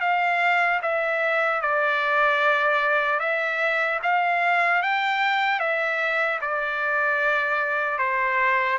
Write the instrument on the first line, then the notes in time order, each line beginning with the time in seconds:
trumpet
0.00 F5
0.82 E5
1.61 D5
3.19 E5
4.03 F5
4.82 G5
5.59 E5
6.41 D5
7.98 C5